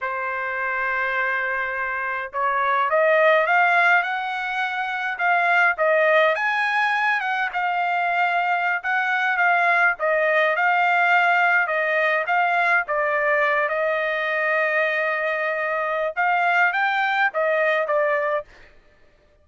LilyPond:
\new Staff \with { instrumentName = "trumpet" } { \time 4/4 \tempo 4 = 104 c''1 | cis''4 dis''4 f''4 fis''4~ | fis''4 f''4 dis''4 gis''4~ | gis''8 fis''8 f''2~ f''16 fis''8.~ |
fis''16 f''4 dis''4 f''4.~ f''16~ | f''16 dis''4 f''4 d''4. dis''16~ | dis''1 | f''4 g''4 dis''4 d''4 | }